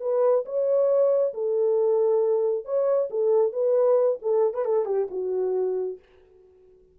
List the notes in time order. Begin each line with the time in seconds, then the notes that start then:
0.00 B4
0.45 C#5
1.34 A4
2.65 C#5
3.10 A4
3.52 B4
4.21 A4
4.53 B4
4.64 A4
4.85 G4
5.10 F#4